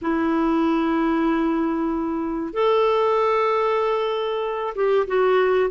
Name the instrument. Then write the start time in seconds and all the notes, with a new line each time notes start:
clarinet
0.01 E4
2.53 A4
4.75 G4
5.07 F#4